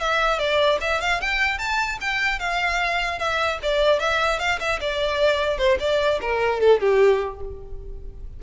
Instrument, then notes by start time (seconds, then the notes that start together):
violin
0.00 E5
0.39 D5
0.80 E5
1.00 F5
1.20 G5
1.58 A5
2.00 G5
2.39 F5
3.18 E5
3.62 D5
3.99 E5
4.39 F5
4.59 E5
4.80 D5
5.58 C5
5.79 D5
6.21 A#4
6.60 A4
6.80 G4